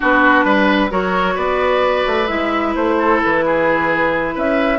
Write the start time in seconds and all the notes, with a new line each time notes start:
0.00 B3 D4 F#4 B4
0.44 G3 B4
0.90 F#3 F#4 A#4 C#5
1.34 B3 B4 D5
2.06 A3
2.27 G#3 E4 E5
2.75 A3 C5
2.98 A4
3.23 E3 B4
3.45 G#4
4.34 C#4 B4 E5